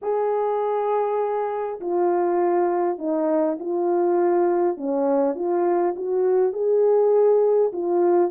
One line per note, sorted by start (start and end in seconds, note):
0.01 1.80 G#4
1.80 2.98 F4
2.98 3.58 D#4
3.59 4.77 F4
4.77 5.35 C#4
5.35 5.94 F4
5.96 6.52 F#4
6.52 7.71 G#4
7.72 8.31 F4